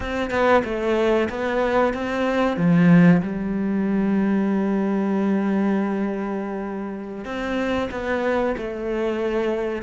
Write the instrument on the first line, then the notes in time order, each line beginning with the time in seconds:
cello
0.00 C4
0.30 B3
0.64 A3
1.29 B3
1.93 C4
2.57 F3
3.22 G3
7.24 C4
7.91 B3
8.57 A3